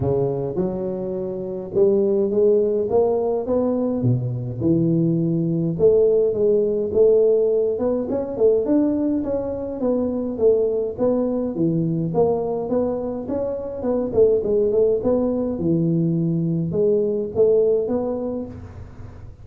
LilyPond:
\new Staff \with { instrumentName = "tuba" } { \time 4/4 \tempo 4 = 104 cis4 fis2 g4 | gis4 ais4 b4 b,4 | e2 a4 gis4 | a4. b8 cis'8 a8 d'4 |
cis'4 b4 a4 b4 | e4 ais4 b4 cis'4 | b8 a8 gis8 a8 b4 e4~ | e4 gis4 a4 b4 | }